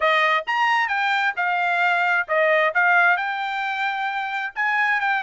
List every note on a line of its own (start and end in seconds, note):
0.00 0.44 D#5
0.46 0.88 A#5
0.88 1.33 G5
1.36 2.27 F5
2.27 2.73 D#5
2.74 3.17 F5
3.17 4.53 G5
4.55 5.00 G#5
5.00 5.23 G5